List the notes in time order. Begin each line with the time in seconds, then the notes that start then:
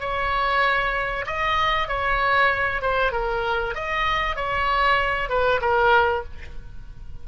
0.00 C#5
1.26 D#5
1.88 C#5
2.82 C5
3.12 A#4
3.75 D#5
4.36 C#5
5.29 B4
5.61 A#4